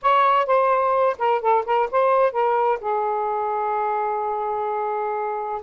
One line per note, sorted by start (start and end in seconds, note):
0.02 0.46 C#5
0.46 1.16 C5
1.18 1.41 A#4
1.41 1.64 A4
1.65 1.89 A#4
1.91 2.32 C5
2.32 2.78 A#4
2.80 5.62 G#4